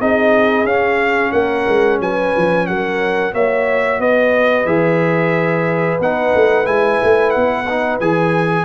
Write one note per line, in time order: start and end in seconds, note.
0.00 0.64 C4
0.00 0.67 D#4
0.00 1.32 G#4
0.00 0.66 D#5
0.64 1.31 C#4
0.64 3.32 C#4
0.64 1.32 F5
1.32 1.66 A#3
1.32 1.98 A#4
1.32 1.98 F#5
1.67 2.00 G#3
2.00 2.33 F#3
2.00 2.68 B4
2.00 2.67 G#5
2.37 2.68 F3
2.67 3.33 F#3
2.67 3.34 A#4
2.67 3.33 F#5
3.32 4.00 A#3
3.32 4.66 F#4
3.32 4.00 C#5
3.32 4.01 E5
4.00 4.65 B3
4.00 8.65 B4
4.00 4.66 D#5
4.65 5.99 E3
4.65 5.99 G#4
4.65 5.99 E5
6.00 6.33 B3
6.00 6.65 D#4
6.00 6.66 F#5
6.34 6.67 A3
6.65 7.00 G#3
6.65 7.65 E4
6.65 7.30 G#5
7.03 7.35 A3
7.30 8.00 B3
7.30 7.97 F#5
7.69 8.01 D#4
8.00 8.65 E3
8.00 8.65 G#4
8.00 8.65 G#5